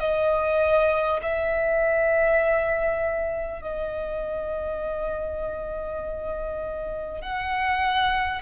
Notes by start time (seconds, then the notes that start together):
0.00 D#5
1.23 E5
3.62 D#5
7.22 F#5